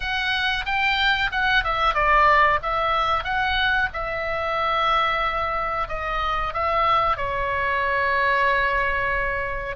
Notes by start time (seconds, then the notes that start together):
0.00 F#5
0.65 G5
1.31 F#5
1.64 E5
1.94 D5
2.62 E5
3.24 F#5
3.93 E5
5.88 D#5
6.53 E5
7.17 C#5